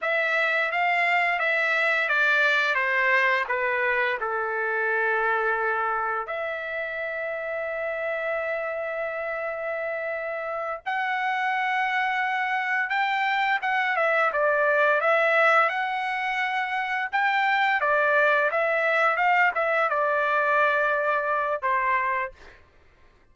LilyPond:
\new Staff \with { instrumentName = "trumpet" } { \time 4/4 \tempo 4 = 86 e''4 f''4 e''4 d''4 | c''4 b'4 a'2~ | a'4 e''2.~ | e''2.~ e''8 fis''8~ |
fis''2~ fis''8 g''4 fis''8 | e''8 d''4 e''4 fis''4.~ | fis''8 g''4 d''4 e''4 f''8 | e''8 d''2~ d''8 c''4 | }